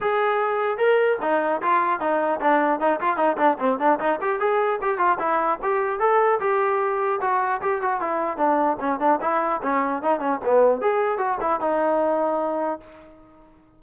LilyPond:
\new Staff \with { instrumentName = "trombone" } { \time 4/4 \tempo 4 = 150 gis'2 ais'4 dis'4 | f'4 dis'4 d'4 dis'8 f'8 | dis'8 d'8 c'8 d'8 dis'8 g'8 gis'4 | g'8 f'8 e'4 g'4 a'4 |
g'2 fis'4 g'8 fis'8 | e'4 d'4 cis'8 d'8 e'4 | cis'4 dis'8 cis'8 b4 gis'4 | fis'8 e'8 dis'2. | }